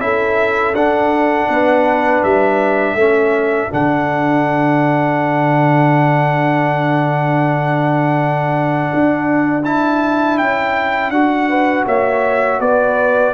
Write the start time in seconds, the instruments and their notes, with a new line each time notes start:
0.00 tuba C#4, trombone E4, horn A4, trumpet E5
0.74 tuba D4, trombone D4, trumpet F#5
1.49 tuba B3, horn B4
2.23 tuba G3, trumpet E5
2.95 tuba A3, trombone C#4, horn A4
3.70 tuba D3, trombone D4, trumpet F#5
8.94 tuba D4
9.65 trombone E4, trumpet A5
10.38 tuba C#4, trumpet G5
11.10 tuba D4, trombone F#4, trumpet F#5
11.49 horn B4
11.86 tuba A#3, horn C#5, trumpet E5
12.59 tuba B3, horn B4, trumpet D5